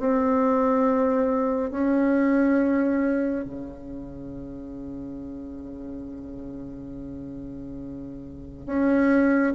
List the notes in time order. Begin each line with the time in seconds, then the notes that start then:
0.00 C4
1.71 C#4
3.45 C#3
8.67 C#4